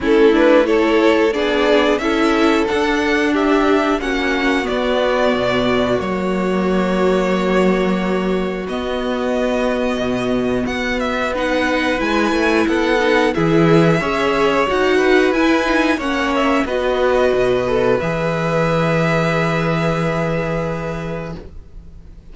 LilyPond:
<<
  \new Staff \with { instrumentName = "violin" } { \time 4/4 \tempo 4 = 90 a'8 b'8 cis''4 d''4 e''4 | fis''4 e''4 fis''4 d''4~ | d''4 cis''2.~ | cis''4 dis''2. |
fis''8 e''8 fis''4 gis''4 fis''4 | e''2 fis''4 gis''4 | fis''8 e''8 dis''2 e''4~ | e''1 | }
  \new Staff \with { instrumentName = "violin" } { \time 4/4 e'4 a'4 gis'4 a'4~ | a'4 g'4 fis'2~ | fis'1~ | fis'1~ |
fis'4 b'2 a'4 | gis'4 cis''4. b'4. | cis''4 b'2.~ | b'1 | }
  \new Staff \with { instrumentName = "viola" } { \time 4/4 cis'8 d'8 e'4 d'4 e'4 | d'2 cis'4 b4~ | b4 ais2.~ | ais4 b2.~ |
b4 dis'4 e'4. dis'8 | e'4 gis'4 fis'4 e'8 dis'8 | cis'4 fis'4. a'8 gis'4~ | gis'1 | }
  \new Staff \with { instrumentName = "cello" } { \time 4/4 a2 b4 cis'4 | d'2 ais4 b4 | b,4 fis2.~ | fis4 b2 b,4 |
b2 gis8 a8 b4 | e4 cis'4 dis'4 e'4 | ais4 b4 b,4 e4~ | e1 | }
>>